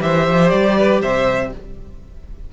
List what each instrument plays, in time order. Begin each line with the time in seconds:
0.00 cello E3, viola G4, violin C5 E5
0.28 cello F3
0.50 cello G3, violin D5
0.78 violin B4
1.02 cello C3, violin C5 E5